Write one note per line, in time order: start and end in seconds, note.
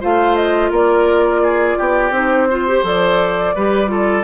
0.00 0.70 A3
0.00 2.12 F4
0.00 0.70 C5
0.00 0.35 F5
0.35 0.70 D#5
0.70 1.76 A#3
0.70 1.40 A#4
0.70 2.13 D5
1.43 1.77 G#4
1.77 2.10 B3
1.77 2.48 G4
2.10 2.80 C4
2.10 2.48 D#4
2.10 2.84 C5
2.49 2.67 F4
2.49 3.55 C5
2.67 2.83 G4
2.83 3.53 F3
2.83 3.54 A4
2.83 4.24 D5
3.55 4.24 G3
3.55 3.87 G4
3.55 3.90 B4
3.87 4.22 F4
3.87 4.24 A4